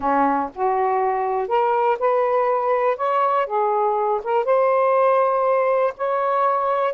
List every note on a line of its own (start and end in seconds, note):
0.00 0.50 C#4
0.54 1.48 F#4
1.48 1.97 A#4
1.99 2.96 B4
2.96 3.46 C#5
3.46 4.21 G#4
4.23 4.44 A#4
4.44 5.93 C5
5.97 6.93 C#5